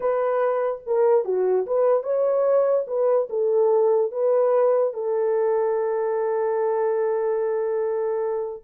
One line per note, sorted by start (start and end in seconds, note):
0.00 0.81 B4
0.86 1.24 A#4
1.24 1.66 F#4
1.66 2.03 B4
2.03 2.85 C#5
2.87 3.28 B4
3.29 4.11 A4
4.11 4.93 B4
4.93 8.63 A4